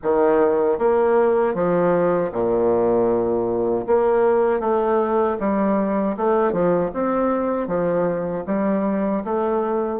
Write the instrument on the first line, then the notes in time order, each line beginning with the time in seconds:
bassoon
0.02 D#3
0.78 A#3
1.54 F3
2.32 A#2
3.86 A#3
4.60 A3
5.39 G3
6.16 A3
6.52 F3
6.93 C4
7.67 F3
8.46 G3
9.24 A3